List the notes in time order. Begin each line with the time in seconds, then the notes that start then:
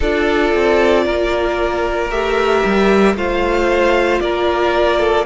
0.00 D4 F4 A4 D5
0.54 C4
1.05 A#3 A#4
2.10 A3 G4 E5
2.64 G3
3.14 A3 F4 C5 F5
4.20 A#3 A#4 D5
4.99 A4